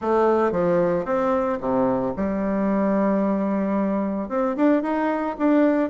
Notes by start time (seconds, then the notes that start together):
0.01 A3
0.51 F3
1.05 C4
1.60 C3
2.16 G3
4.28 C4
4.56 D4
4.82 D#4
5.38 D4